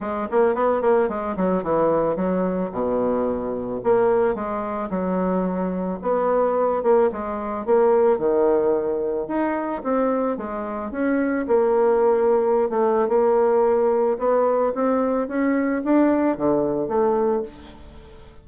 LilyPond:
\new Staff \with { instrumentName = "bassoon" } { \time 4/4 \tempo 4 = 110 gis8 ais8 b8 ais8 gis8 fis8 e4 | fis4 b,2 ais4 | gis4 fis2 b4~ | b8 ais8 gis4 ais4 dis4~ |
dis4 dis'4 c'4 gis4 | cis'4 ais2~ ais16 a8. | ais2 b4 c'4 | cis'4 d'4 d4 a4 | }